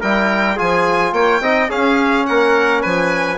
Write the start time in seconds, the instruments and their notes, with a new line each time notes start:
0.00 bassoon G3, trombone E4, trumpet A#4, violin G5
0.56 bassoon F3, trombone F4, trumpet G#4, violin G#5
1.12 bassoon A#3, trumpet C#5, violin G5
1.40 bassoon C4, trombone D#4, trumpet D#5
1.68 trombone C#4, bassoon C#4, trumpet G#4, violin F5
2.25 bassoon A#3, trumpet A#4, violin F#5
2.81 bassoon F3, trumpet B4, violin G#5